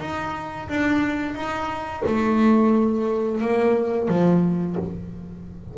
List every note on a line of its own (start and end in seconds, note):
0.00 0.68 D#4
0.68 1.35 D4
1.35 2.03 D#4
2.06 3.41 A3
3.41 4.08 A#3
4.08 4.76 F3